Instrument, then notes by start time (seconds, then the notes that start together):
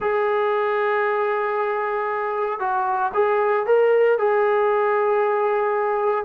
trombone
0.00 G#4
2.59 F#4
3.14 G#4
3.66 A#4
4.18 G#4